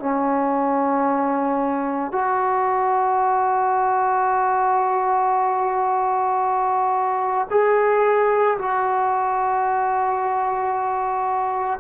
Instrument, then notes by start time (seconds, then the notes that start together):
trombone
0.00 C#4
2.12 F#4
7.51 G#4
8.59 F#4